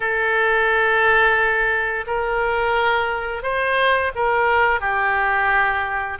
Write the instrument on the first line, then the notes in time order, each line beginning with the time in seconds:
oboe
0.00 A4
2.06 A#4
3.42 C5
4.15 A#4
4.80 G4